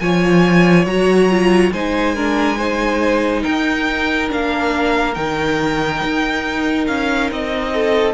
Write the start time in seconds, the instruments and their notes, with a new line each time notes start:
0.00 cello F3, viola F4, violin C#5 G#5
0.86 cello F#3, viola F#4, violin A#5
1.30 viola F4
1.73 cello G#3, viola D#4, violin C5 G#5
2.15 viola D4, violin A#4
2.57 viola D#4, violin C5
3.42 cello D#4, violin A#4 G5
4.28 cello A#3, viola D4, violin F5
5.14 cello D#3, viola D#4, violin G5
6.04 cello D#4
6.87 cello C#4, violin F5
7.31 cello C4, violin D#5
7.74 violin A4